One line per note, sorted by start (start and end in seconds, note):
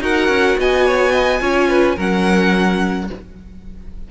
0.00 0.28 D#4
0.00 1.40 F#4
0.00 0.59 A#4
0.00 0.60 F#5
0.28 0.56 C#4
0.58 1.41 B3
0.58 0.86 D#5
0.58 1.99 G#5
0.86 1.12 C#5
1.12 1.40 D#5
1.40 1.97 C#4
1.40 1.96 F4
1.40 1.68 C#5
1.68 1.96 B4
1.96 3.10 F#3
1.96 3.09 C#4
1.96 3.08 A#4
1.96 3.11 F#5